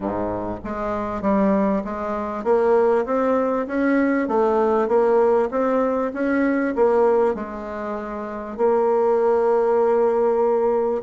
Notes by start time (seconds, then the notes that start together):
0.00 G#2
0.63 G#3
1.21 G3
1.84 G#3
2.44 A#3
3.05 C4
3.67 C#4
4.28 A3
4.88 A#3
5.50 C4
6.13 C#4
6.75 A#3
7.34 G#3
8.57 A#3